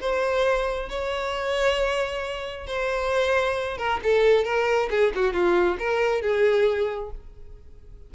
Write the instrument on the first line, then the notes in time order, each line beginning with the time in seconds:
violin
0.00 C5
0.89 C#5
2.66 C5
3.77 A#4
4.03 A4
4.44 A#4
4.90 G#4
5.15 F#4
5.33 F4
5.79 A#4
6.21 G#4